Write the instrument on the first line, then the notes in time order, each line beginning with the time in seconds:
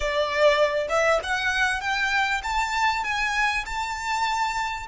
violin
0.00 D5
0.89 E5
1.23 F#5
1.80 G5
2.43 A5
3.04 G#5
3.65 A5